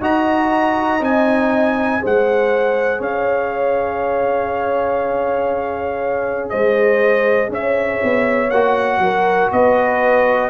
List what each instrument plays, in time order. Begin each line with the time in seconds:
0.00 tuba D#4, trombone F#4, horn D#5, trumpet A#5
1.00 tuba C4, trombone D#4, trumpet G#5
1.99 tuba G#3, trombone G#4, horn C5
2.05 trumpet F#5
2.98 tuba C#4, horn C#5, trumpet F5
6.49 tuba G#3, horn C5, trumpet D#5
7.48 tuba C#4, horn C#5, trumpet E5
8.03 tuba B3
8.50 tuba A#3, trombone F#4, trumpet F#5
8.98 tuba F#3, horn A#4
9.52 tuba B3, horn B4, trumpet D#5